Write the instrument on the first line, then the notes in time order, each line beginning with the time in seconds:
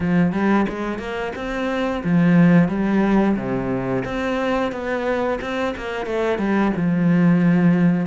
cello
0.00 F3
0.32 G3
0.68 G#3
0.98 A#3
1.35 C4
2.04 F3
2.68 G3
3.36 C3
4.04 C4
4.72 B3
5.41 C4
5.76 A#3
6.06 A3
6.38 G3
6.76 F3